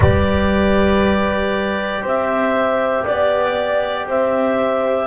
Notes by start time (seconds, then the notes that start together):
0.00 G3 G4 B4 D5
2.01 C4 C5
2.07 E5
3.04 B3 D5
4.06 C4 C5 E5